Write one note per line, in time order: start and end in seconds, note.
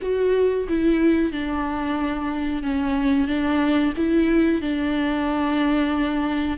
0.01 0.67 F#4
0.68 1.32 E4
1.32 2.62 D4
2.62 3.27 C#4
3.27 3.93 D4
3.96 4.61 E4
4.61 6.57 D4